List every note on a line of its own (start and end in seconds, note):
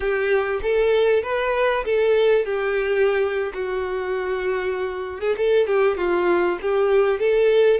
0.00 0.60 G4
0.62 1.22 A4
1.22 1.84 B4
1.84 2.45 A4
2.45 3.52 G4
3.53 5.20 F#4
5.20 5.35 G#4
5.37 5.66 A4
5.66 5.97 G4
5.97 6.58 F4
6.61 7.19 G4
7.19 7.80 A4